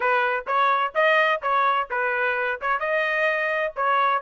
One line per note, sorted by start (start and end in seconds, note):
0.00 0.45 B4
0.46 0.93 C#5
0.94 1.41 D#5
1.42 1.89 C#5
1.90 2.60 B4
2.61 2.79 C#5
2.79 3.73 D#5
3.76 4.21 C#5